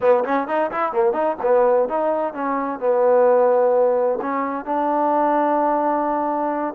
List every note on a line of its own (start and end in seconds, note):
0.00 0.24 B3
0.24 0.47 C#4
0.47 0.70 D#4
0.71 0.92 E4
0.92 1.13 A#3
1.13 1.36 D#4
1.42 1.88 B3
1.88 2.33 D#4
2.33 2.79 C#4
2.79 4.19 B3
4.21 4.65 C#4
4.65 6.74 D4